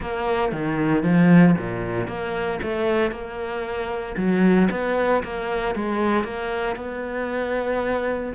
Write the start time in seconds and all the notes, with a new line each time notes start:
0.00 A#3
0.52 D#3
1.03 F3
1.57 A#2
2.07 A#3
2.62 A3
3.11 A#3
4.16 F#3
4.71 B3
5.23 A#3
5.75 G#3
6.23 A#3
6.76 B3